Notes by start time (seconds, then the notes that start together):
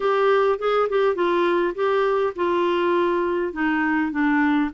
0.00 G4
0.59 G#4
0.89 G4
1.15 F4
1.74 G4
2.35 F4
3.53 D#4
4.11 D4